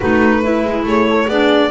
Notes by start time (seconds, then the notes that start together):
0.00 A3 D#4 F#4 B4
0.42 E4
0.63 G#3
0.83 A3 G#4 C#5
1.09 A4
1.27 B3 D4 G#4 D5